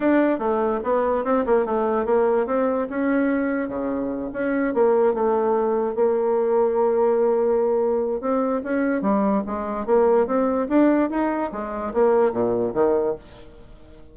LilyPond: \new Staff \with { instrumentName = "bassoon" } { \time 4/4 \tempo 4 = 146 d'4 a4 b4 c'8 ais8 | a4 ais4 c'4 cis'4~ | cis'4 cis4. cis'4 ais8~ | ais8 a2 ais4.~ |
ais1 | c'4 cis'4 g4 gis4 | ais4 c'4 d'4 dis'4 | gis4 ais4 ais,4 dis4 | }